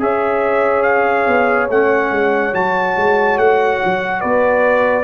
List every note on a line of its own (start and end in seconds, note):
0.00 1.27 C#4
0.00 1.69 G#4
0.00 4.21 C#5
0.00 0.83 E5
0.83 1.68 F5
1.27 1.69 B3
1.69 2.11 A3
1.69 2.53 C#4
1.69 2.55 F#5
2.11 2.53 G#3
2.53 2.97 F#3
2.53 5.04 F#4
2.53 3.39 A5
2.97 3.38 G#3
3.38 3.80 A3
3.38 4.21 F#5
3.85 4.24 F#3
4.21 5.04 B3
4.21 5.04 B4
4.21 5.04 D5